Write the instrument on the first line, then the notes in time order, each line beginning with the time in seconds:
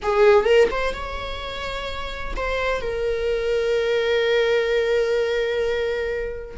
viola
0.02 G#4
0.45 A#4
0.70 C5
0.94 C#5
2.36 C5
2.81 A#4